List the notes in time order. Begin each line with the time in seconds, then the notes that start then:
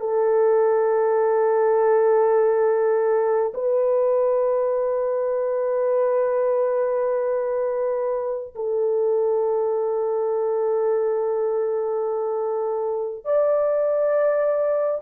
0.00 A4
3.53 B4
8.55 A4
13.25 D5